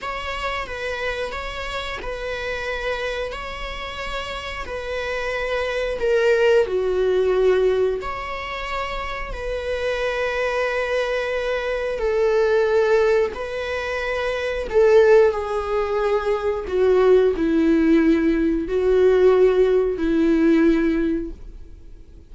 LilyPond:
\new Staff \with { instrumentName = "viola" } { \time 4/4 \tempo 4 = 90 cis''4 b'4 cis''4 b'4~ | b'4 cis''2 b'4~ | b'4 ais'4 fis'2 | cis''2 b'2~ |
b'2 a'2 | b'2 a'4 gis'4~ | gis'4 fis'4 e'2 | fis'2 e'2 | }